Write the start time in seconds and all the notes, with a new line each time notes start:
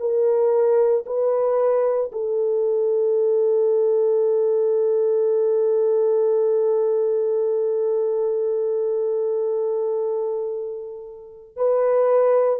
0.00 A#4
1.06 B4
2.12 A4
11.57 B4